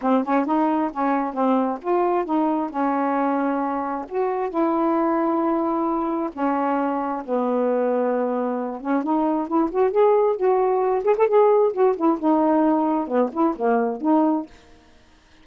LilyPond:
\new Staff \with { instrumentName = "saxophone" } { \time 4/4 \tempo 4 = 133 c'8 cis'8 dis'4 cis'4 c'4 | f'4 dis'4 cis'2~ | cis'4 fis'4 e'2~ | e'2 cis'2 |
b2.~ b8 cis'8 | dis'4 e'8 fis'8 gis'4 fis'4~ | fis'8 gis'16 a'16 gis'4 fis'8 e'8 dis'4~ | dis'4 b8 e'8 ais4 dis'4 | }